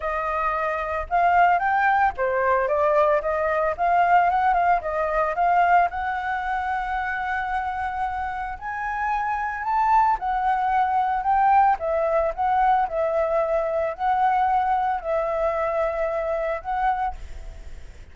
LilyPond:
\new Staff \with { instrumentName = "flute" } { \time 4/4 \tempo 4 = 112 dis''2 f''4 g''4 | c''4 d''4 dis''4 f''4 | fis''8 f''8 dis''4 f''4 fis''4~ | fis''1 |
gis''2 a''4 fis''4~ | fis''4 g''4 e''4 fis''4 | e''2 fis''2 | e''2. fis''4 | }